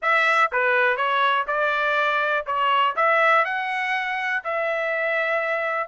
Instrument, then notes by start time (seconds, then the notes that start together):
trumpet
0.02 E5
0.52 B4
0.96 C#5
1.47 D5
2.46 C#5
2.96 E5
3.44 F#5
4.44 E5